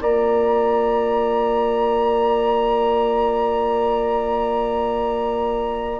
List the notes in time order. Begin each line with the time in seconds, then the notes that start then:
0.00 A#3 F4 D5 A#5